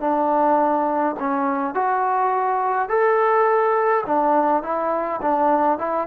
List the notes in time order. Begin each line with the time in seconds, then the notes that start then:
0.00 D4
1.19 C#4
1.74 F#4
2.89 A4
4.06 D4
4.63 E4
5.22 D4
5.78 E4